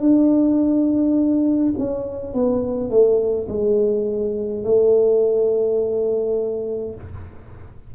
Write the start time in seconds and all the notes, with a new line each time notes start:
0.00 D4
1.78 C#4
2.34 B3
2.90 A3
3.49 G#3
4.64 A3